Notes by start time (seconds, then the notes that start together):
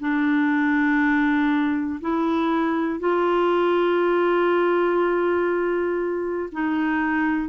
0.00 D4
2.00 E4
3.00 F4
6.52 D#4